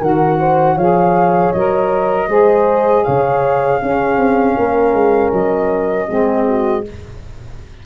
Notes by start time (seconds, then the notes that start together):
0.00 D#3 F#4 A#4 F#5
0.39 C5
0.75 F3 G#4 C#5 F5
1.52 F#3 A#4 D#5
2.28 G#3 G#4 C5
3.04 C#3 C#5 F5
3.81 C#4 G#4
4.17 C4
4.57 A#3 A#4
4.93 G#3
5.32 F#3 D#5
6.08 G#3 C4 G#4
6.47 F#4